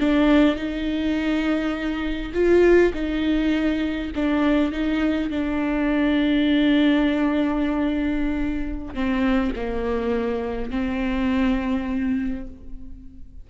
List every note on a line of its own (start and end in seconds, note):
0.00 0.56 D4
0.56 2.32 D#4
2.34 2.93 F4
2.94 4.11 D#4
4.15 4.72 D4
4.72 5.30 D#4
5.30 8.95 D4
8.95 9.53 C4
9.56 10.71 A#3
10.71 12.47 C4